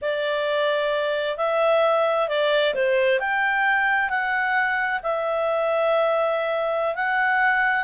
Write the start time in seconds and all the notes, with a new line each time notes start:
0.01 D5
1.37 E5
2.28 D5
2.74 C5
3.19 G5
4.09 F#5
5.02 E5
6.95 F#5